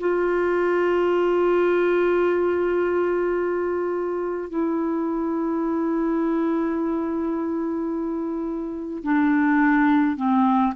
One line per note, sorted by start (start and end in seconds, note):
0.00 4.50 F4
4.50 9.03 E4
9.04 10.17 D4
10.17 10.73 C4